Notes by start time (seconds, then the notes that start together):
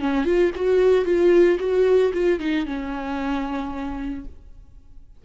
0.00 C#4
0.24 F4
0.55 F#4
1.05 F4
1.59 F#4
2.13 F4
2.39 D#4
2.65 C#4